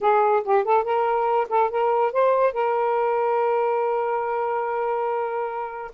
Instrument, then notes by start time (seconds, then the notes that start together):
saxophone
0.00 G#4
0.43 G4
0.64 A4
0.84 A#4
1.49 A4
1.70 A#4
2.12 C5
2.53 A#4